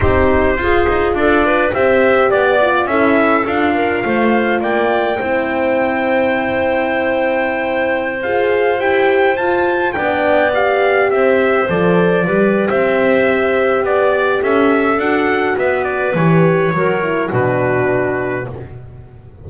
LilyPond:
<<
  \new Staff \with { instrumentName = "trumpet" } { \time 4/4 \tempo 4 = 104 c''2 d''4 e''4 | d''4 e''4 f''2 | g''1~ | g''2~ g''16 f''4 g''8.~ |
g''16 a''4 g''4 f''4 e''8.~ | e''16 d''4.~ d''16 e''2 | d''4 e''4 fis''4 e''8 d''8 | cis''2 b'2 | }
  \new Staff \with { instrumentName = "clarinet" } { \time 4/4 g'4 gis'4 a'8 b'8 c''4 | d''4 a'4. ais'8 c''4 | d''4 c''2.~ | c''1~ |
c''4~ c''16 d''2 c''8.~ | c''4~ c''16 b'8. c''2 | d''4 a'2 b'4~ | b'4 ais'4 fis'2 | }
  \new Staff \with { instrumentName = "horn" } { \time 4/4 dis'4 f'2 g'4~ | g'8 f'8 e'4 f'2~ | f'4 e'2.~ | e'2~ e'16 gis'4 g'8.~ |
g'16 f'4 d'4 g'4.~ g'16~ | g'16 a'4 g'2~ g'8.~ | g'2 fis'2 | g'4 fis'8 e'8 d'2 | }
  \new Staff \with { instrumentName = "double bass" } { \time 4/4 c'4 f'8 dis'8 d'4 c'4 | b4 cis'4 d'4 a4 | ais4 c'2.~ | c'2~ c'16 f'4 e'8.~ |
e'16 f'4 b2 c'8.~ | c'16 f4 g8. c'2 | b4 cis'4 d'4 b4 | e4 fis4 b,2 | }
>>